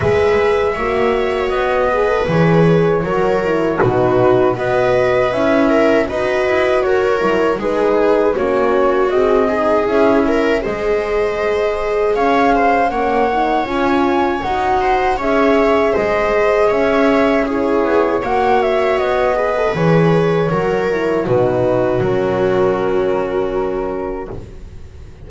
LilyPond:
<<
  \new Staff \with { instrumentName = "flute" } { \time 4/4 \tempo 4 = 79 e''2 dis''4 cis''4~ | cis''4 b'4 dis''4 e''4 | dis''4 cis''4 b'4 cis''4 | dis''4 e''4 dis''2 |
f''4 fis''4 gis''4 fis''4 | e''4 dis''4 e''4 cis''4 | fis''8 e''8 dis''4 cis''2 | b'4 ais'2. | }
  \new Staff \with { instrumentName = "viola" } { \time 4/4 b'4 cis''4. b'4. | ais'4 fis'4 b'4. ais'8 | b'4 ais'4 gis'4 fis'4~ | fis'8 gis'4 ais'8 c''2 |
cis''8 c''8 cis''2~ cis''8 c''8 | cis''4 c''4 cis''4 gis'4 | cis''4. b'4. ais'4 | fis'1 | }
  \new Staff \with { instrumentName = "horn" } { \time 4/4 gis'4 fis'4. gis'16 a'16 gis'4 | fis'8 e'8 dis'4 fis'4 e'4 | fis'4. e'8 dis'4 cis'4 | gis'8 dis'8 e'4 gis'2~ |
gis'4 cis'8 dis'8 f'4 fis'4 | gis'2. e'4 | fis'4. gis'16 a'16 gis'4 fis'8 e'8 | dis'4 cis'2. | }
  \new Staff \with { instrumentName = "double bass" } { \time 4/4 gis4 ais4 b4 e4 | fis4 b,4 b4 cis'4 | dis'8 e'8 fis'8 fis8 gis4 ais4 | c'4 cis'4 gis2 |
cis'4 ais4 cis'4 dis'4 | cis'4 gis4 cis'4. b8 | ais4 b4 e4 fis4 | b,4 fis2. | }
>>